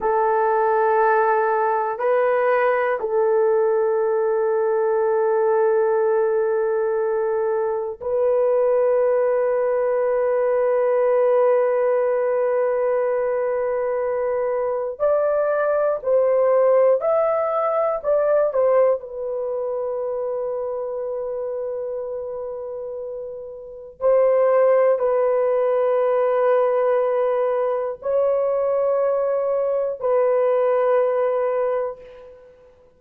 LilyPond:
\new Staff \with { instrumentName = "horn" } { \time 4/4 \tempo 4 = 60 a'2 b'4 a'4~ | a'1 | b'1~ | b'2. d''4 |
c''4 e''4 d''8 c''8 b'4~ | b'1 | c''4 b'2. | cis''2 b'2 | }